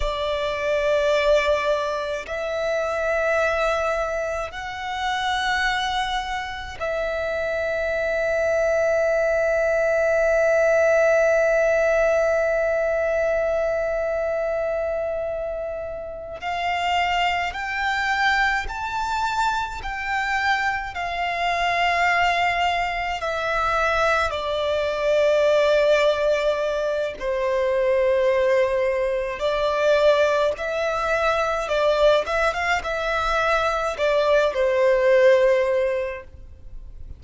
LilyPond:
\new Staff \with { instrumentName = "violin" } { \time 4/4 \tempo 4 = 53 d''2 e''2 | fis''2 e''2~ | e''1~ | e''2~ e''8 f''4 g''8~ |
g''8 a''4 g''4 f''4.~ | f''8 e''4 d''2~ d''8 | c''2 d''4 e''4 | d''8 e''16 f''16 e''4 d''8 c''4. | }